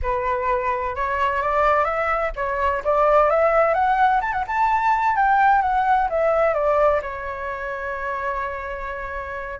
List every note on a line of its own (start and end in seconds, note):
0.02 0.95 B4
0.95 1.42 C#5
1.42 1.84 D5
1.84 2.31 E5
2.36 2.83 C#5
2.84 3.30 D5
3.30 3.74 E5
3.74 4.20 F#5
4.21 4.32 A5
4.32 4.44 F#5
4.47 5.16 A5
5.16 5.61 G5
5.61 6.08 F#5
6.09 6.53 E5
6.53 7.00 D5
7.02 9.59 C#5